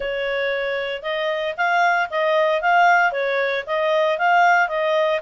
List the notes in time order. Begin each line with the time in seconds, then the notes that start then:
0.00 C#5
1.02 D#5
1.57 F5
2.10 D#5
2.61 F5
3.12 C#5
3.66 D#5
4.18 F5
4.68 D#5